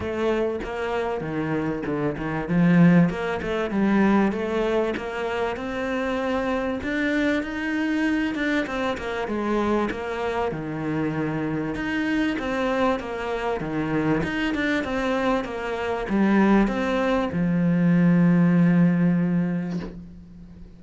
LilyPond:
\new Staff \with { instrumentName = "cello" } { \time 4/4 \tempo 4 = 97 a4 ais4 dis4 d8 dis8 | f4 ais8 a8 g4 a4 | ais4 c'2 d'4 | dis'4. d'8 c'8 ais8 gis4 |
ais4 dis2 dis'4 | c'4 ais4 dis4 dis'8 d'8 | c'4 ais4 g4 c'4 | f1 | }